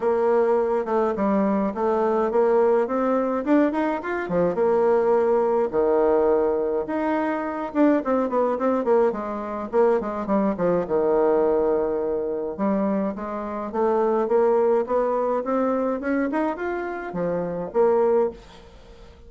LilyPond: \new Staff \with { instrumentName = "bassoon" } { \time 4/4 \tempo 4 = 105 ais4. a8 g4 a4 | ais4 c'4 d'8 dis'8 f'8 f8 | ais2 dis2 | dis'4. d'8 c'8 b8 c'8 ais8 |
gis4 ais8 gis8 g8 f8 dis4~ | dis2 g4 gis4 | a4 ais4 b4 c'4 | cis'8 dis'8 f'4 f4 ais4 | }